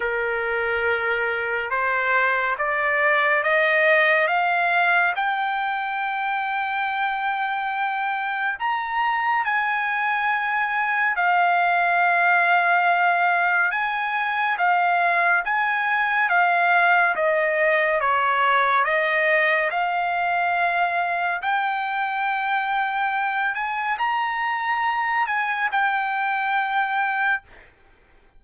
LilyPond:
\new Staff \with { instrumentName = "trumpet" } { \time 4/4 \tempo 4 = 70 ais'2 c''4 d''4 | dis''4 f''4 g''2~ | g''2 ais''4 gis''4~ | gis''4 f''2. |
gis''4 f''4 gis''4 f''4 | dis''4 cis''4 dis''4 f''4~ | f''4 g''2~ g''8 gis''8 | ais''4. gis''8 g''2 | }